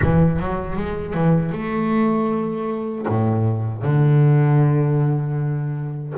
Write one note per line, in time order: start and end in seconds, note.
0.01 0.39 E3
0.39 0.76 F#3
0.76 1.14 G#3
1.14 1.52 E3
1.52 3.06 A3
3.08 3.83 A2
3.83 6.13 D3